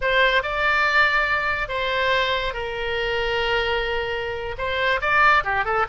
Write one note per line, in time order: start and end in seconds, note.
0.01 0.42 C5
0.42 1.68 D5
1.68 2.53 C5
2.53 4.55 A#4
4.57 5.00 C5
5.01 5.43 D5
5.44 5.64 G4
5.64 5.86 A4